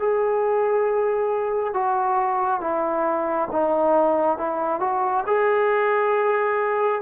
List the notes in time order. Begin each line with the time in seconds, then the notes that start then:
0.00 G#4
1.74 F#4
2.61 E4
3.52 D#4
4.38 E4
4.80 F#4
5.27 G#4